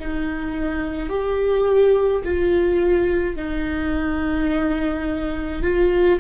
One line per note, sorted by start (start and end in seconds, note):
0.00 1.10 D#4
1.10 2.23 G4
2.24 3.37 F4
3.37 5.63 D#4
5.63 6.20 F4